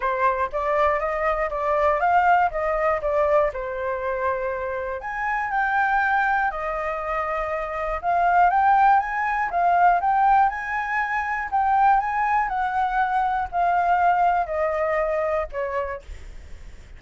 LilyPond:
\new Staff \with { instrumentName = "flute" } { \time 4/4 \tempo 4 = 120 c''4 d''4 dis''4 d''4 | f''4 dis''4 d''4 c''4~ | c''2 gis''4 g''4~ | g''4 dis''2. |
f''4 g''4 gis''4 f''4 | g''4 gis''2 g''4 | gis''4 fis''2 f''4~ | f''4 dis''2 cis''4 | }